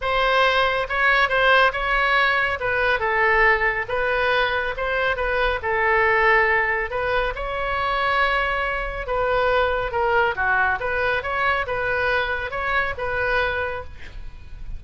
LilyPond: \new Staff \with { instrumentName = "oboe" } { \time 4/4 \tempo 4 = 139 c''2 cis''4 c''4 | cis''2 b'4 a'4~ | a'4 b'2 c''4 | b'4 a'2. |
b'4 cis''2.~ | cis''4 b'2 ais'4 | fis'4 b'4 cis''4 b'4~ | b'4 cis''4 b'2 | }